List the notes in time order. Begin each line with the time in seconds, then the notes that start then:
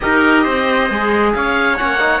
0.00 D#4 G4 A#4 D#5
0.43 C4 C5
0.90 G#3 G#4
1.33 C#4 C#5 F5
1.75 A#3 C#4 F#5
1.99 D#4